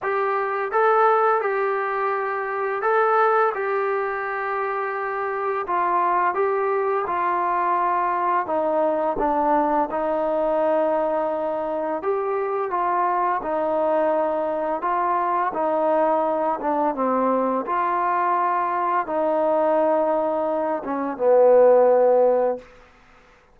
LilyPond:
\new Staff \with { instrumentName = "trombone" } { \time 4/4 \tempo 4 = 85 g'4 a'4 g'2 | a'4 g'2. | f'4 g'4 f'2 | dis'4 d'4 dis'2~ |
dis'4 g'4 f'4 dis'4~ | dis'4 f'4 dis'4. d'8 | c'4 f'2 dis'4~ | dis'4. cis'8 b2 | }